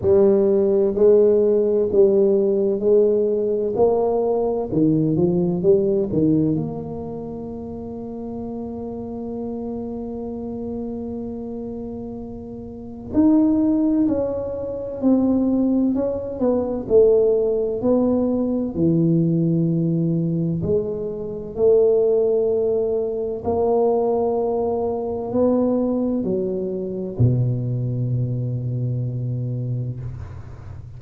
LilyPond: \new Staff \with { instrumentName = "tuba" } { \time 4/4 \tempo 4 = 64 g4 gis4 g4 gis4 | ais4 dis8 f8 g8 dis8 ais4~ | ais1~ | ais2 dis'4 cis'4 |
c'4 cis'8 b8 a4 b4 | e2 gis4 a4~ | a4 ais2 b4 | fis4 b,2. | }